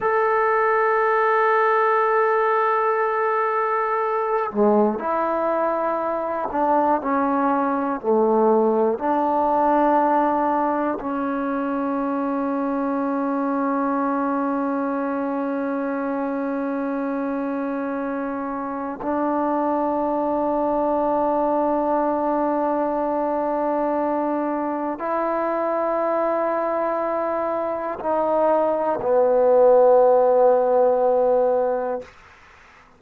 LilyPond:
\new Staff \with { instrumentName = "trombone" } { \time 4/4 \tempo 4 = 60 a'1~ | a'8 gis8 e'4. d'8 cis'4 | a4 d'2 cis'4~ | cis'1~ |
cis'2. d'4~ | d'1~ | d'4 e'2. | dis'4 b2. | }